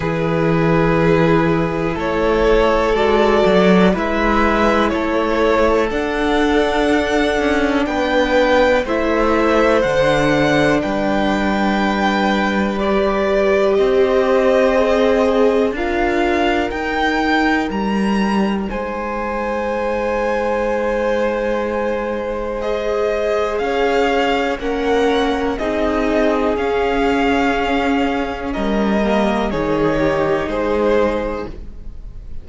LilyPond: <<
  \new Staff \with { instrumentName = "violin" } { \time 4/4 \tempo 4 = 61 b'2 cis''4 d''4 | e''4 cis''4 fis''2 | g''4 e''4 fis''4 g''4~ | g''4 d''4 dis''2 |
f''4 g''4 ais''4 gis''4~ | gis''2. dis''4 | f''4 fis''4 dis''4 f''4~ | f''4 dis''4 cis''4 c''4 | }
  \new Staff \with { instrumentName = "violin" } { \time 4/4 gis'2 a'2 | b'4 a'2. | b'4 c''2 b'4~ | b'2 c''2 |
ais'2. c''4~ | c''1 | cis''4 ais'4 gis'2~ | gis'4 ais'4 gis'8 g'8 gis'4 | }
  \new Staff \with { instrumentName = "viola" } { \time 4/4 e'2. fis'4 | e'2 d'2~ | d'4 e'4 d'2~ | d'4 g'2 gis'4 |
f'4 dis'2.~ | dis'2. gis'4~ | gis'4 cis'4 dis'4 cis'4~ | cis'4. ais8 dis'2 | }
  \new Staff \with { instrumentName = "cello" } { \time 4/4 e2 a4 gis8 fis8 | gis4 a4 d'4. cis'8 | b4 a4 d4 g4~ | g2 c'2 |
d'4 dis'4 g4 gis4~ | gis1 | cis'4 ais4 c'4 cis'4~ | cis'4 g4 dis4 gis4 | }
>>